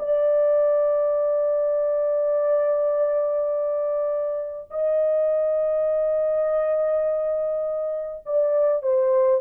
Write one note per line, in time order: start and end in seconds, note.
0.00 4.71 D5
4.71 8.24 D#5
8.26 8.83 D5
8.83 9.42 C5